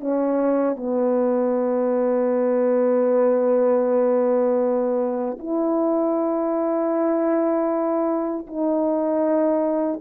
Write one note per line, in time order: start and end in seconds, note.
0.00 0.76 C#4
0.76 5.37 B3
5.39 8.47 E4
8.47 10.01 D#4